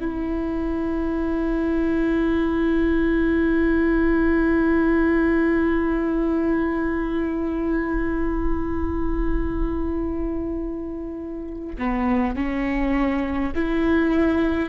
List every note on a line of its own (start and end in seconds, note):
0.00 11.76 E4
11.78 12.36 B3
12.36 13.53 C#4
13.55 14.69 E4